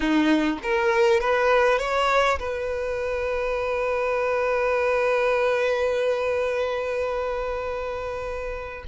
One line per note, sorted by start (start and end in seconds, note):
0.00 0.58 D#4
0.62 1.20 A#4
1.20 1.78 B4
1.78 2.38 C#5
2.39 8.84 B4